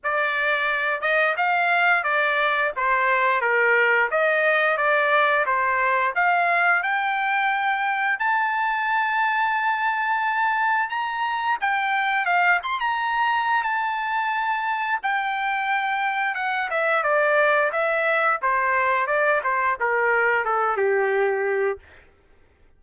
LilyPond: \new Staff \with { instrumentName = "trumpet" } { \time 4/4 \tempo 4 = 88 d''4. dis''8 f''4 d''4 | c''4 ais'4 dis''4 d''4 | c''4 f''4 g''2 | a''1 |
ais''4 g''4 f''8 c'''16 ais''4~ ais''16 | a''2 g''2 | fis''8 e''8 d''4 e''4 c''4 | d''8 c''8 ais'4 a'8 g'4. | }